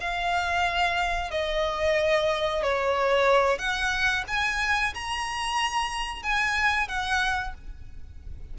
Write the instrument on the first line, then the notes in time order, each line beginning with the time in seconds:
violin
0.00 F5
1.30 D#5
2.62 C#5
3.58 F#5
4.27 G#5
4.94 A#5
6.22 G#5
6.88 F#5